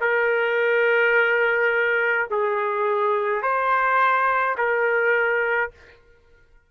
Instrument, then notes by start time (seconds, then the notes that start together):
trumpet
0.00 A#4
2.30 G#4
3.42 C5
4.57 A#4